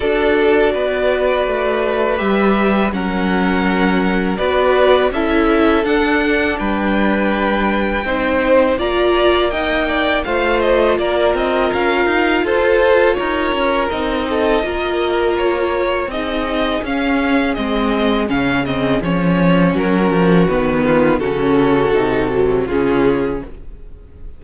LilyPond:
<<
  \new Staff \with { instrumentName = "violin" } { \time 4/4 \tempo 4 = 82 d''2. e''4 | fis''2 d''4 e''4 | fis''4 g''2. | ais''4 g''4 f''8 dis''8 d''8 dis''8 |
f''4 c''4 cis''4 dis''4~ | dis''4 cis''4 dis''4 f''4 | dis''4 f''8 dis''8 cis''4 ais'4 | b'4 a'2 gis'4 | }
  \new Staff \with { instrumentName = "violin" } { \time 4/4 a'4 b'2. | ais'2 b'4 a'4~ | a'4 b'2 c''4 | d''4 dis''8 d''8 c''4 ais'4~ |
ais'4 a'4 ais'4. a'8 | ais'2 gis'2~ | gis'2. fis'4~ | fis'8 f'8 fis'2 f'4 | }
  \new Staff \with { instrumentName = "viola" } { \time 4/4 fis'2. g'4 | cis'2 fis'4 e'4 | d'2. dis'4 | f'4 dis'4 f'2~ |
f'2. dis'4 | f'2 dis'4 cis'4 | c'4 cis'8 c'8 cis'2 | b4 cis'4 dis'8 fis8 cis'4 | }
  \new Staff \with { instrumentName = "cello" } { \time 4/4 d'4 b4 a4 g4 | fis2 b4 cis'4 | d'4 g2 c'4 | ais2 a4 ais8 c'8 |
cis'8 dis'8 f'4 dis'8 cis'8 c'4 | ais2 c'4 cis'4 | gis4 cis4 f4 fis8 f8 | dis4 cis4 c4 cis4 | }
>>